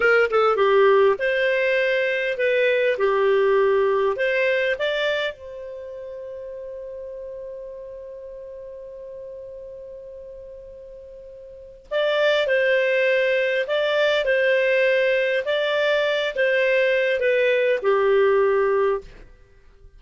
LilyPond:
\new Staff \with { instrumentName = "clarinet" } { \time 4/4 \tempo 4 = 101 ais'8 a'8 g'4 c''2 | b'4 g'2 c''4 | d''4 c''2.~ | c''1~ |
c''1 | d''4 c''2 d''4 | c''2 d''4. c''8~ | c''4 b'4 g'2 | }